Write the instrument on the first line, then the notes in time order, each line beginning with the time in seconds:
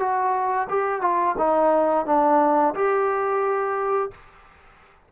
trombone
0.00 F#4
0.70 G4
1.02 F4
1.38 D#4
2.06 D4
2.75 G4